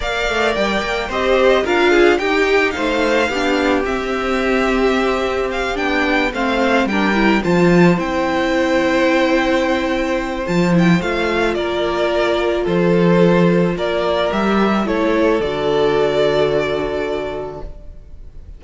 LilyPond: <<
  \new Staff \with { instrumentName = "violin" } { \time 4/4 \tempo 4 = 109 f''4 g''4 dis''4 f''4 | g''4 f''2 e''4~ | e''2 f''8 g''4 f''8~ | f''8 g''4 a''4 g''4.~ |
g''2. a''8 g''8 | f''4 d''2 c''4~ | c''4 d''4 e''4 cis''4 | d''1 | }
  \new Staff \with { instrumentName = "violin" } { \time 4/4 d''2 c''4 ais'8 gis'8 | g'4 c''4 g'2~ | g'2.~ g'8 c''8~ | c''8 ais'4 c''2~ c''8~ |
c''1~ | c''4 ais'2 a'4~ | a'4 ais'2 a'4~ | a'1 | }
  \new Staff \with { instrumentName = "viola" } { \time 4/4 ais'2 g'4 f'4 | dis'2 d'4 c'4~ | c'2~ c'8 d'4 c'8~ | c'8 d'8 e'8 f'4 e'4.~ |
e'2. f'8 e'8 | f'1~ | f'2 g'4 e'4 | fis'1 | }
  \new Staff \with { instrumentName = "cello" } { \time 4/4 ais8 a8 g8 ais8 c'4 d'4 | dis'4 a4 b4 c'4~ | c'2~ c'8 b4 a8~ | a8 g4 f4 c'4.~ |
c'2. f4 | a4 ais2 f4~ | f4 ais4 g4 a4 | d1 | }
>>